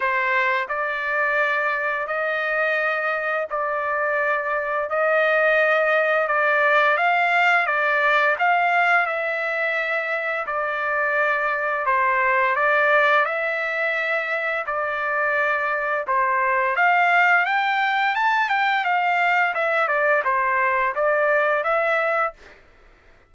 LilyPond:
\new Staff \with { instrumentName = "trumpet" } { \time 4/4 \tempo 4 = 86 c''4 d''2 dis''4~ | dis''4 d''2 dis''4~ | dis''4 d''4 f''4 d''4 | f''4 e''2 d''4~ |
d''4 c''4 d''4 e''4~ | e''4 d''2 c''4 | f''4 g''4 a''8 g''8 f''4 | e''8 d''8 c''4 d''4 e''4 | }